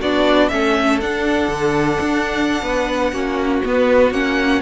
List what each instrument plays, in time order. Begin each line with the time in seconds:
0.00 cello B3, viola D4, violin F#4 D5
0.49 cello A3, viola C#4, violin A4 E5
1.01 cello D4, viola D4, violin F#5
1.48 cello D3
2.00 cello D4
2.62 cello B3, violin B4
3.12 cello A#3, viola C#4, violin F#4
3.64 viola B3, cello B3, violin B4
4.11 cello A#3, viola C#4, violin F#5